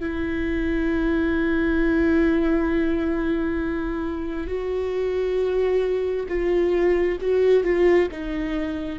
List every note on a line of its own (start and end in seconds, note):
0.00 4.47 E4
4.47 6.26 F#4
6.28 7.18 F4
7.21 7.64 F#4
7.64 8.09 F4
8.12 8.99 D#4